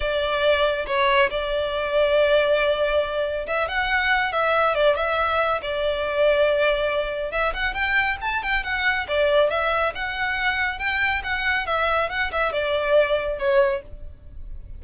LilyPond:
\new Staff \with { instrumentName = "violin" } { \time 4/4 \tempo 4 = 139 d''2 cis''4 d''4~ | d''1 | e''8 fis''4. e''4 d''8 e''8~ | e''4 d''2.~ |
d''4 e''8 fis''8 g''4 a''8 g''8 | fis''4 d''4 e''4 fis''4~ | fis''4 g''4 fis''4 e''4 | fis''8 e''8 d''2 cis''4 | }